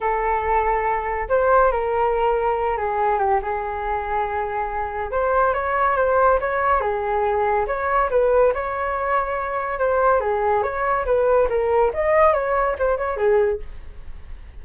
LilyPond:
\new Staff \with { instrumentName = "flute" } { \time 4/4 \tempo 4 = 141 a'2. c''4 | ais'2~ ais'8 gis'4 g'8 | gis'1 | c''4 cis''4 c''4 cis''4 |
gis'2 cis''4 b'4 | cis''2. c''4 | gis'4 cis''4 b'4 ais'4 | dis''4 cis''4 c''8 cis''8 gis'4 | }